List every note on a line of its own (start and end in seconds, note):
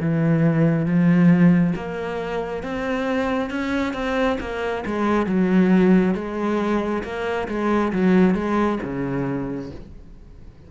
0.00 0.85 E3
0.85 1.74 F3
1.75 2.63 A#3
2.63 3.50 C4
3.50 3.93 C#4
3.93 4.37 C4
4.40 4.84 A#3
4.85 5.26 G#3
5.26 6.14 F#3
6.14 7.03 G#3
7.03 7.47 A#3
7.48 7.92 G#3
7.92 8.34 F#3
8.34 8.78 G#3
8.83 9.71 C#3